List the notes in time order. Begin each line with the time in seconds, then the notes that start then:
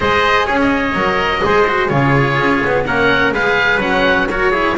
0.00 G#3 G#4 C5 D#5
0.46 C#4 G#4 C#5
0.61 D#5
0.93 F#3 A#4
1.41 G#3 G#4 C5
1.67 F#4
1.87 C#3 F4 C#5
1.94 G#4
2.38 C#4
2.64 B3
2.86 A#3 C#4 A#4 F#5
3.31 G#3 G#4 B4 F5
3.76 F#3 C#4 F#5
4.30 F#4 A#4 C#5
4.51 E4 G#4